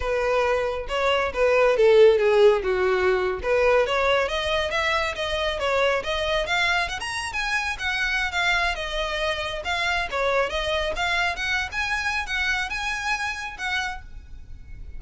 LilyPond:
\new Staff \with { instrumentName = "violin" } { \time 4/4 \tempo 4 = 137 b'2 cis''4 b'4 | a'4 gis'4 fis'4.~ fis'16 b'16~ | b'8. cis''4 dis''4 e''4 dis''16~ | dis''8. cis''4 dis''4 f''4 fis''16 |
ais''8. gis''4 fis''4~ fis''16 f''4 | dis''2 f''4 cis''4 | dis''4 f''4 fis''8. gis''4~ gis''16 | fis''4 gis''2 fis''4 | }